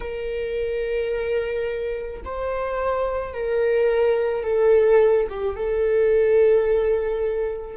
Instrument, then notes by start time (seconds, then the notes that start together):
viola
0.00 A#4
2.24 C5
3.33 A#4
4.43 A4
5.29 G4
5.56 A4